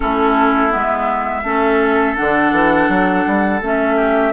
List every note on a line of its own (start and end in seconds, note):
0.00 0.74 A3
0.00 0.70 C#4
0.00 1.44 E4
0.00 0.72 A4
0.70 1.43 G#3
0.70 1.42 B3
0.70 2.16 E5
1.43 2.16 A3
1.43 2.16 C#4
1.43 3.96 A4
2.16 2.52 D3
2.16 3.60 D4
2.16 3.60 F#5
2.52 2.88 E3
2.89 3.25 F#3
3.26 3.61 G3
3.61 4.33 A3
3.61 4.33 C#4
3.61 4.33 E5
3.96 4.32 G4